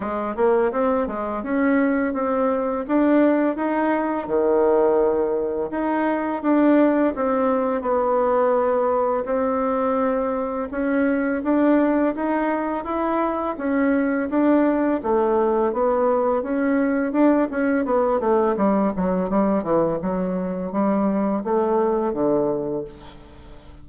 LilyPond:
\new Staff \with { instrumentName = "bassoon" } { \time 4/4 \tempo 4 = 84 gis8 ais8 c'8 gis8 cis'4 c'4 | d'4 dis'4 dis2 | dis'4 d'4 c'4 b4~ | b4 c'2 cis'4 |
d'4 dis'4 e'4 cis'4 | d'4 a4 b4 cis'4 | d'8 cis'8 b8 a8 g8 fis8 g8 e8 | fis4 g4 a4 d4 | }